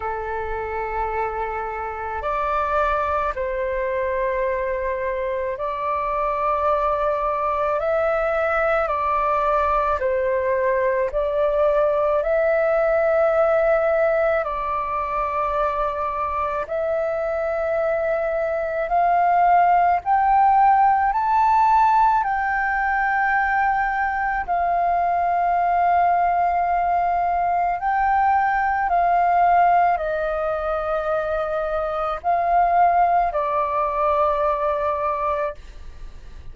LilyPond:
\new Staff \with { instrumentName = "flute" } { \time 4/4 \tempo 4 = 54 a'2 d''4 c''4~ | c''4 d''2 e''4 | d''4 c''4 d''4 e''4~ | e''4 d''2 e''4~ |
e''4 f''4 g''4 a''4 | g''2 f''2~ | f''4 g''4 f''4 dis''4~ | dis''4 f''4 d''2 | }